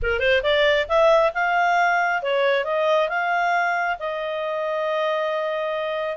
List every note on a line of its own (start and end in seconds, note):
0.02 0.19 A#4
0.19 0.41 C5
0.42 0.86 D5
0.88 1.32 E5
1.34 2.22 F5
2.22 2.64 C#5
2.64 3.08 D#5
3.09 3.97 F5
3.99 6.17 D#5